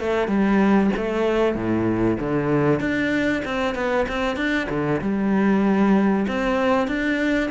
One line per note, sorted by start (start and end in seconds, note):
0.00 0.28 A3
0.28 0.90 G3
0.97 1.55 A3
1.55 2.18 A2
2.20 2.80 D3
2.80 3.42 D4
3.45 3.75 C4
3.75 4.06 B3
4.09 4.36 C4
4.36 4.68 D4
4.70 5.01 D3
5.01 6.26 G3
6.28 6.88 C4
6.88 7.50 D4